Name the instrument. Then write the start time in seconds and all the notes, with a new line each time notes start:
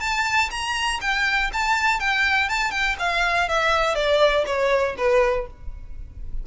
violin
0.00 A5
0.50 A#5
1.01 G5
1.53 A5
1.99 G5
2.49 A5
2.71 G5
2.99 F5
3.48 E5
3.95 D5
4.46 C#5
4.97 B4